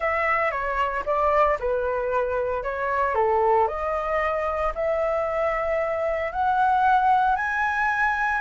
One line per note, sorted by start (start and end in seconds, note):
0.00 0.51 E5
0.51 1.03 C#5
1.05 1.58 D5
1.59 2.63 B4
2.63 3.14 C#5
3.14 3.67 A4
3.67 4.72 D#5
4.75 6.32 E5
6.32 7.36 F#5
7.36 8.41 G#5